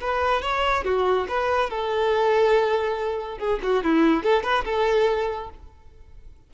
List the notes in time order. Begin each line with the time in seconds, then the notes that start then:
0.00 B4
0.42 C#5
0.84 F#4
1.28 B4
1.70 A4
3.38 G#4
3.63 F#4
3.84 E4
4.23 A4
4.43 B4
4.65 A4